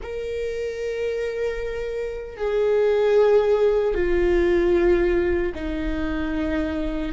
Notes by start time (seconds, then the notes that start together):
0.02 A#4
2.37 G#4
3.94 F4
5.54 D#4